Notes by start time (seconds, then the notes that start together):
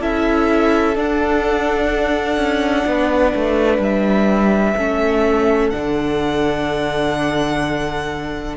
0.00 C#4 E4 A4 E5
0.95 D4 F#5
2.37 C#4
2.86 B3 B4
3.35 A3
3.79 G3 E5
4.77 A3 C#4 A4
5.70 D3 D4 F#5